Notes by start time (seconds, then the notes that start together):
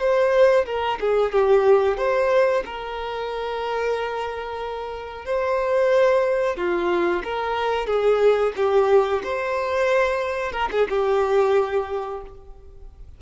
0.00 C5
0.66 A#4
1.01 G#4
1.32 G4
1.98 C5
2.66 A#4
5.26 C5
6.57 F4
7.24 A#4
7.87 G#4
8.57 G4
9.24 C5
10.53 A#4
10.72 G#4
10.90 G4